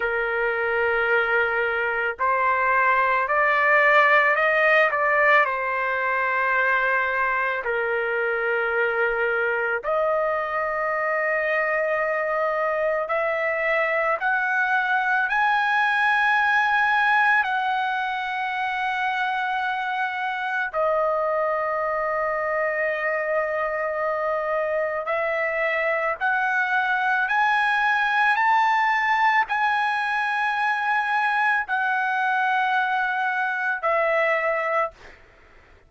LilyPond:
\new Staff \with { instrumentName = "trumpet" } { \time 4/4 \tempo 4 = 55 ais'2 c''4 d''4 | dis''8 d''8 c''2 ais'4~ | ais'4 dis''2. | e''4 fis''4 gis''2 |
fis''2. dis''4~ | dis''2. e''4 | fis''4 gis''4 a''4 gis''4~ | gis''4 fis''2 e''4 | }